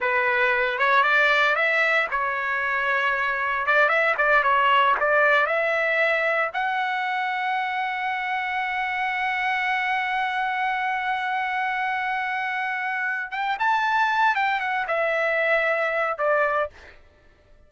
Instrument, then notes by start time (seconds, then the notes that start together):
trumpet
0.00 B4
0.78 C#5
1.03 D5
1.55 E5
2.11 C#5
3.66 D5
3.88 E5
4.17 D5
4.43 C#5
5.00 D5
5.46 E5
6.53 F#5
13.31 G5
13.59 A5
14.35 G5
14.60 F#5
14.87 E5
16.17 D5